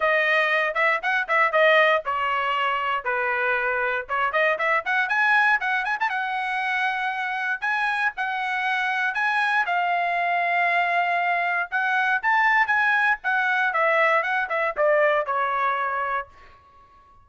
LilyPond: \new Staff \with { instrumentName = "trumpet" } { \time 4/4 \tempo 4 = 118 dis''4. e''8 fis''8 e''8 dis''4 | cis''2 b'2 | cis''8 dis''8 e''8 fis''8 gis''4 fis''8 gis''16 a''16 | fis''2. gis''4 |
fis''2 gis''4 f''4~ | f''2. fis''4 | a''4 gis''4 fis''4 e''4 | fis''8 e''8 d''4 cis''2 | }